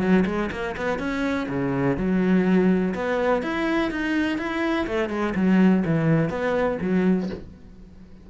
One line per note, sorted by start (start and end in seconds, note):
0.00 0.24 F#3
0.26 0.50 G#3
0.51 0.76 A#3
0.77 0.99 B3
0.99 1.47 C#4
1.48 1.97 C#3
1.97 2.94 F#3
2.94 3.42 B3
3.42 3.91 E4
3.91 4.38 D#4
4.38 4.86 E4
4.87 5.09 A3
5.09 5.33 G#3
5.35 5.84 F#3
5.85 6.29 E3
6.29 6.78 B3
6.81 7.30 F#3